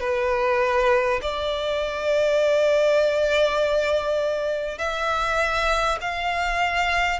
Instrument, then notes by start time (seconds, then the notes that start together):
violin
0.00 B4
1.21 D5
4.78 E5
6.01 F5